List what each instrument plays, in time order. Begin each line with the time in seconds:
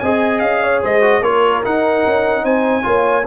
0.00 tuba C4, trombone G#4, horn D#5, trumpet G#5
0.40 tuba C#4, trumpet F5
0.63 horn C#5
0.83 tuba G#3, horn C5, trumpet D#5
1.02 trombone F#4
1.22 tuba A#3, trombone F4, horn A#4, trumpet C#5
1.64 trombone D#4, tuba D#4, trumpet F#5
2.07 tuba C#4
2.44 tuba C4, horn C5, trumpet G#5
2.83 tuba A#3, trombone F4, horn C#5